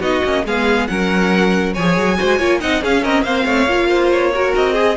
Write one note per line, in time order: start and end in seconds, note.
0.00 0.22 B3
0.00 0.23 D#4
0.00 0.43 F#4
0.00 0.45 D#5
0.24 0.45 A#3
0.24 0.46 C#4
0.45 0.88 G#3
0.45 0.88 B3
0.45 0.89 G#4
0.45 0.87 F5
0.87 1.76 F#3
0.87 1.74 C#4
0.87 1.73 A#4
0.87 1.73 F#5
1.73 1.97 F3
1.73 2.17 G#4
1.73 2.17 C#5
1.73 2.60 G#5
1.97 2.18 F#3
2.17 2.40 G#3
2.17 2.39 F#4
2.17 2.38 C5
2.38 2.61 A#3
2.38 2.60 F4
2.38 2.59 C#5
2.60 2.83 C4
2.60 2.81 D#4
2.60 2.82 D#5
2.60 2.82 F#5
2.81 3.25 C#4
2.81 3.05 C#4
2.81 3.02 G#4
2.81 3.03 F5
3.02 3.22 C4
3.02 3.23 A#4
3.02 3.23 D#5
3.22 3.44 A#3
3.22 3.67 C4
3.22 3.44 C5
3.22 4.09 F5
3.44 3.66 A3
3.44 3.87 C#5
3.66 4.53 A#3
3.66 4.32 F4
3.89 4.32 C5
4.11 4.54 C#5
4.34 4.75 F#4
4.34 4.73 A#4
4.55 4.97 C4
4.55 4.97 D#5
4.73 4.94 G#4
4.73 4.97 G#4